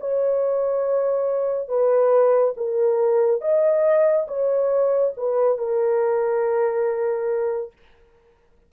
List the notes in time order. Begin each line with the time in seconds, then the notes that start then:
0.00 C#5
1.68 B4
2.57 A#4
3.41 D#5
4.28 C#5
5.17 B4
5.58 A#4